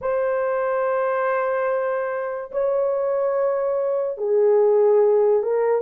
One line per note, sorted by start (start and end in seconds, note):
0.01 2.51 C5
2.51 4.17 C#5
4.17 5.42 G#4
5.42 5.81 A#4